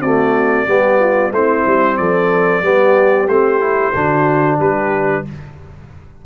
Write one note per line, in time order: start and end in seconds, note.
0.00 0.67 A3
0.00 0.65 C4
0.00 0.67 F#4
0.00 1.32 D5
0.67 1.32 G3
0.67 1.32 B3
0.67 1.00 G4
1.00 1.32 F4
1.32 1.64 A3
1.32 2.63 C4
1.32 1.98 E4
1.32 1.97 C5
1.66 1.98 G3
1.97 2.62 F3
1.97 2.64 A4
1.97 3.27 D5
2.62 3.27 G3
2.62 3.28 B3
2.62 3.95 G4
3.27 3.92 A3
3.27 3.60 C4
3.27 4.58 C5
3.60 3.92 E4
3.94 4.60 D3
3.94 5.25 D4
3.94 4.58 F#4
4.58 5.25 G3
4.58 5.24 G4
4.58 5.26 B4